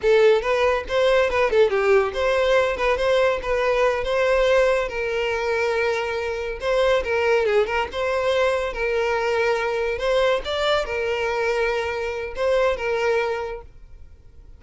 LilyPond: \new Staff \with { instrumentName = "violin" } { \time 4/4 \tempo 4 = 141 a'4 b'4 c''4 b'8 a'8 | g'4 c''4. b'8 c''4 | b'4. c''2 ais'8~ | ais'2.~ ais'8 c''8~ |
c''8 ais'4 gis'8 ais'8 c''4.~ | c''8 ais'2. c''8~ | c''8 d''4 ais'2~ ais'8~ | ais'4 c''4 ais'2 | }